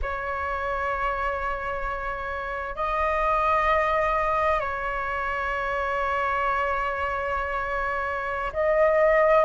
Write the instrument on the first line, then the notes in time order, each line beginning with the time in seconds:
flute
0.02 C#5
2.75 D#5
4.59 C#5
8.53 D#5